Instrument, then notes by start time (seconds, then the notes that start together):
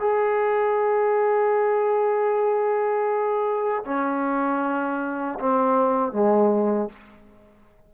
trombone
0.00 G#4
3.85 C#4
5.40 C4
6.13 G#3